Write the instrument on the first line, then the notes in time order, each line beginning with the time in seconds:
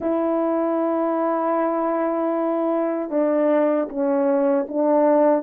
horn
0.00 E4
3.10 D4
3.89 C#4
4.68 D4